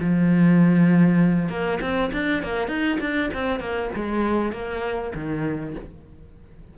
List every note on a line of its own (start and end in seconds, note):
0.00 1.49 F3
1.49 1.79 A#3
1.81 2.11 C4
2.13 2.43 D4
2.43 2.68 A#3
2.68 2.98 D#4
3.00 3.30 D4
3.34 3.60 C4
3.60 3.90 A#3
3.95 4.52 G#3
4.52 5.13 A#3
5.14 5.75 D#3